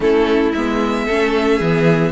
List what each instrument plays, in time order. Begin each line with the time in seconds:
0.00 cello A3, viola C#4, violin E4 A4
0.52 cello G#3, viola B3, violin E5
1.05 cello A3, viola C#4, violin A4
1.57 cello E3, viola B3, violin G#4